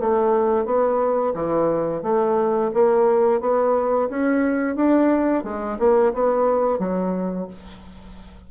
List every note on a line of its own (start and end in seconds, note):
0.00 0.66 A3
0.66 1.34 B3
1.35 2.03 E3
2.03 2.71 A3
2.74 3.41 A#3
3.41 4.09 B3
4.10 4.76 C#4
4.76 5.44 D4
5.44 5.78 G#3
5.79 6.13 A#3
6.14 6.79 B3
6.79 7.48 F#3